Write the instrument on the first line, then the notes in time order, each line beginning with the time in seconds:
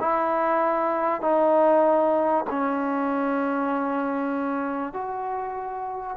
trombone
0.00 E4
1.21 D#4
2.50 C#4
4.93 F#4